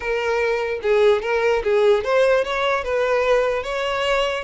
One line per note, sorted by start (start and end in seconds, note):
0.00 0.80 A#4
0.82 1.22 G#4
1.22 1.62 A#4
1.63 2.04 G#4
2.04 2.44 C5
2.44 2.84 C#5
2.84 3.63 B4
3.63 4.44 C#5